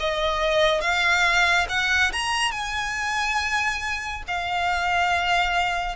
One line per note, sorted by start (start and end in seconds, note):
0.00 0.81 D#5
0.81 1.67 F5
1.69 2.12 F#5
2.13 2.52 A#5
2.52 4.24 G#5
4.28 5.96 F5